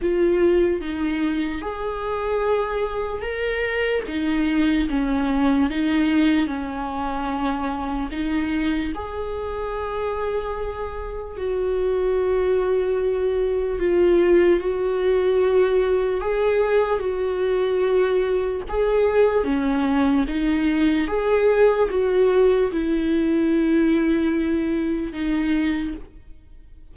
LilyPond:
\new Staff \with { instrumentName = "viola" } { \time 4/4 \tempo 4 = 74 f'4 dis'4 gis'2 | ais'4 dis'4 cis'4 dis'4 | cis'2 dis'4 gis'4~ | gis'2 fis'2~ |
fis'4 f'4 fis'2 | gis'4 fis'2 gis'4 | cis'4 dis'4 gis'4 fis'4 | e'2. dis'4 | }